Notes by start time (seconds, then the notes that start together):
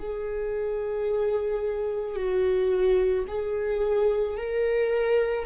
0.00 G#4
2.16 F#4
3.28 G#4
4.37 A#4